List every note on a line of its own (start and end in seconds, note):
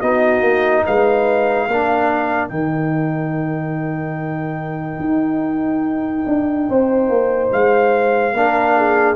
0.00 0.41 B3
0.00 1.69 D#4
0.00 0.83 F#4
0.00 0.84 D#5
0.41 0.83 A#3
0.86 1.68 G#3
0.86 1.69 B4
0.86 2.49 F5
1.68 2.50 A#3
1.68 2.50 D4
1.68 6.69 A#4
2.49 4.99 D#3
2.49 8.33 D#4
2.49 7.49 G5
4.99 6.24 D#4
6.27 6.68 D4
6.69 7.09 C4
6.69 8.34 C5
7.09 7.51 A#3
7.52 8.33 G#3
7.52 9.16 F5
8.33 9.16 A#3
8.33 9.16 D4
8.33 8.76 A#4
8.77 9.16 G#4